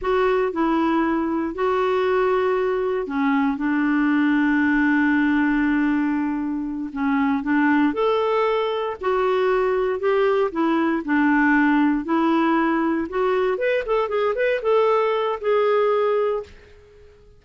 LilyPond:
\new Staff \with { instrumentName = "clarinet" } { \time 4/4 \tempo 4 = 117 fis'4 e'2 fis'4~ | fis'2 cis'4 d'4~ | d'1~ | d'4. cis'4 d'4 a'8~ |
a'4. fis'2 g'8~ | g'8 e'4 d'2 e'8~ | e'4. fis'4 b'8 a'8 gis'8 | b'8 a'4. gis'2 | }